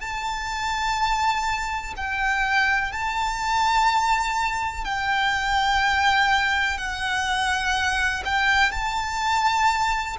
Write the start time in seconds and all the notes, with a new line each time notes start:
0.00 A5
1.96 G5
2.92 A5
4.84 G5
6.78 F#5
8.25 G5
8.71 A5